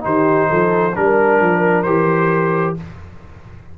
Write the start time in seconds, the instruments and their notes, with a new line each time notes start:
0.00 tuba D#3, trombone D#4, horn G4, trumpet C5
0.49 tuba F3, horn A4
0.95 tuba G3, trombone D4, trumpet A#4, horn A#4
1.40 tuba F3
1.83 tuba E3, trombone G4, trumpet C5